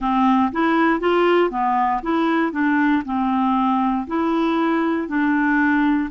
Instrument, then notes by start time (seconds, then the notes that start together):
clarinet
0.00 C4
0.51 E4
1.00 F4
1.50 B3
2.02 E4
2.51 D4
3.05 C4
4.07 E4
5.08 D4